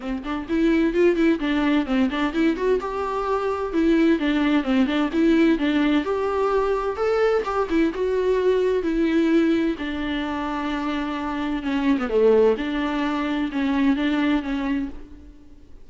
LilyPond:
\new Staff \with { instrumentName = "viola" } { \time 4/4 \tempo 4 = 129 c'8 d'8 e'4 f'8 e'8 d'4 | c'8 d'8 e'8 fis'8 g'2 | e'4 d'4 c'8 d'8 e'4 | d'4 g'2 a'4 |
g'8 e'8 fis'2 e'4~ | e'4 d'2.~ | d'4 cis'8. b16 a4 d'4~ | d'4 cis'4 d'4 cis'4 | }